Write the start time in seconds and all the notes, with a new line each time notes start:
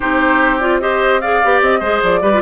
0.00 C4 D#4 G4 C5
0.59 F4 D5
0.80 G4 C5 D#5
1.20 G#4 D5 F5
1.43 B3 G4
1.61 C4 D#5
1.79 G#3 G#4 C5
2.02 F3 D5
2.21 G3 G4 B4
2.33 F4